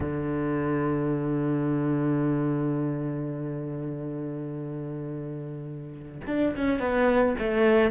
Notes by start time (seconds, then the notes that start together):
0.00 D3
6.27 D4
6.56 C#4
6.79 B3
7.39 A3